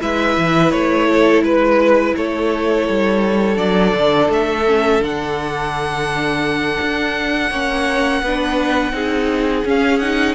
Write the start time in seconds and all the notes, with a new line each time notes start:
0.00 G#3 E4 B4 E5
0.37 E3
0.71 A3 C#5
1.08 A4
1.42 G#3 B4
2.17 A3 A4 C#5
2.88 G3
3.56 F#3 D4 D5
3.94 D3
4.29 A3 E5
4.67 C#4
5.00 D3 D4 F#5
6.81 D4
7.50 A#3 C#4 C#5
8.22 B3 D4 B4
8.92 C4 D#4 G#4
9.65 C#4 F5
9.99 D#4 F#5